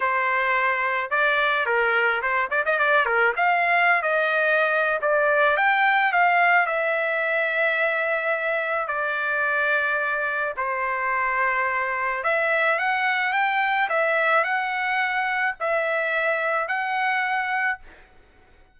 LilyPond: \new Staff \with { instrumentName = "trumpet" } { \time 4/4 \tempo 4 = 108 c''2 d''4 ais'4 | c''8 d''16 dis''16 d''8 ais'8 f''4~ f''16 dis''8.~ | dis''4 d''4 g''4 f''4 | e''1 |
d''2. c''4~ | c''2 e''4 fis''4 | g''4 e''4 fis''2 | e''2 fis''2 | }